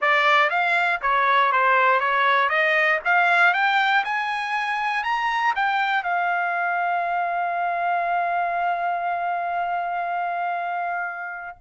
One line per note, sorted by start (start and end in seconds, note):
0.01 0.50 D5
0.50 1.00 F5
1.01 1.51 C#5
1.51 2.00 C5
2.00 2.49 C#5
2.49 2.99 D#5
3.04 3.53 F5
3.53 4.04 G5
4.04 5.03 G#5
5.03 5.54 A#5
5.55 6.03 G5
6.03 11.57 F5